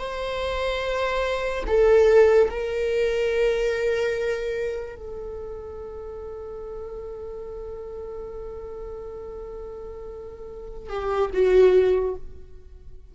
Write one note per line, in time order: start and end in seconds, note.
0.00 1.64 C5
1.67 2.50 A4
2.50 4.96 A#4
4.96 10.90 A4
10.90 11.31 G4
11.33 12.16 F#4